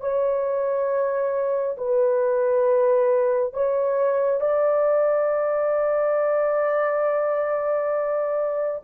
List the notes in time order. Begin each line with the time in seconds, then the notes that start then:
0.00 C#5
1.77 B4
3.53 C#5
4.40 D5